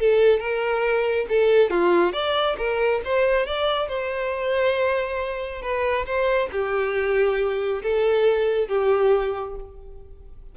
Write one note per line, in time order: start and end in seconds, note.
0.00 0.40 A4
0.40 1.26 A#4
1.29 1.70 A4
1.70 2.13 F4
2.13 2.57 D5
2.58 3.02 A#4
3.05 3.46 C5
3.46 3.88 D5
3.88 5.62 C5
5.62 6.06 B4
6.06 6.49 C5
6.52 7.82 G4
7.83 8.69 A4
8.69 9.56 G4